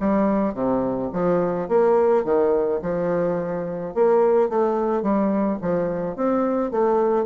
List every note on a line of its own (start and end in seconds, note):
0.00 0.54 G3
0.54 1.10 C3
1.13 1.69 F3
1.69 2.25 A#3
2.25 2.81 D#3
2.82 3.95 F3
3.95 4.49 A#3
4.49 5.03 A3
5.03 5.59 G3
5.62 6.16 F3
6.16 6.71 C4
6.71 7.26 A3